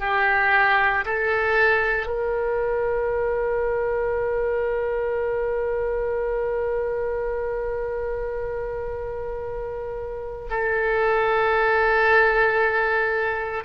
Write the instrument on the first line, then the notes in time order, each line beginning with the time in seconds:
oboe
0.00 G4
1.06 A4
2.07 A#4
10.51 A4